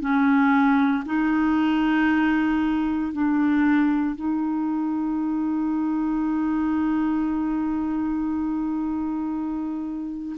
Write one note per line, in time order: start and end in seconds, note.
0.00 1.03 C#4
1.05 3.12 D#4
3.12 4.15 D4
4.15 10.36 D#4